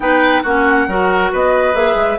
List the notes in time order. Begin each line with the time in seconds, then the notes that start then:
0.00 B3 D#4 B4 G5
0.42 A#3 C#4 F#4 F#5
0.87 F#3 F#4 A#4
1.32 B3 B4 D#5
1.73 A#3 G#4 E5
1.95 G#3